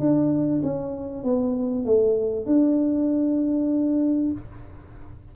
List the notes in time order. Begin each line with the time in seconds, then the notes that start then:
0.00 D4
0.63 C#4
1.24 B3
1.86 A3
2.46 D4